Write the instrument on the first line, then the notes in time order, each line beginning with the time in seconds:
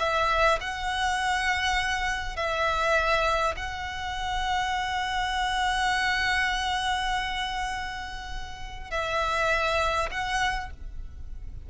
violin
0.00 E5
0.61 F#5
2.37 E5
3.57 F#5
8.91 E5
10.11 F#5